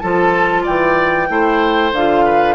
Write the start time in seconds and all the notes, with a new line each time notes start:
0.00 F3 F4 A4 A5
0.64 E3 D5 G5
1.28 A3 E4 C5
1.93 D3 F4 F5
2.26 B4